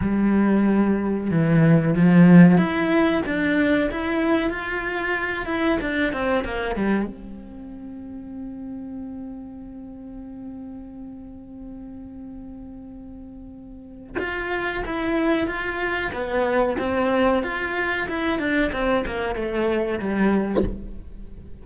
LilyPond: \new Staff \with { instrumentName = "cello" } { \time 4/4 \tempo 4 = 93 g2 e4 f4 | e'4 d'4 e'4 f'4~ | f'8 e'8 d'8 c'8 ais8 g8 c'4~ | c'1~ |
c'1~ | c'2 f'4 e'4 | f'4 b4 c'4 f'4 | e'8 d'8 c'8 ais8 a4 g4 | }